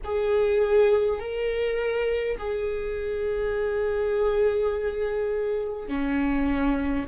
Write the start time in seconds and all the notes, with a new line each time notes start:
0.04 G#4
1.19 A#4
2.38 G#4
5.88 C#4